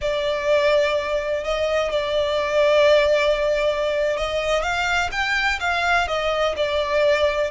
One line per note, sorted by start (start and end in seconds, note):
0.01 1.44 D5
1.44 1.90 D#5
1.90 4.16 D5
4.16 4.62 D#5
4.62 5.10 F5
5.11 5.59 G5
5.60 6.07 F5
6.07 6.55 D#5
6.56 7.51 D5